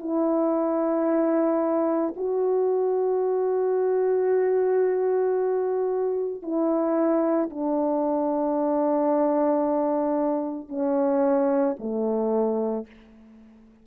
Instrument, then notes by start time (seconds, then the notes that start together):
horn
0.00 E4
2.17 F#4
6.42 E4
7.50 D4
10.69 C#4
11.80 A3